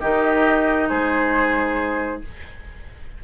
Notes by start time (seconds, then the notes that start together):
0.00 D#3 D#4 G4 D#5
0.89 G#3 G#4 C5